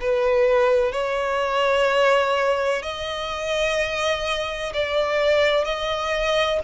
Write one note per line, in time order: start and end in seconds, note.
0.00 0.92 B4
0.92 2.82 C#5
2.82 4.73 D#5
4.73 5.64 D5
5.64 6.59 D#5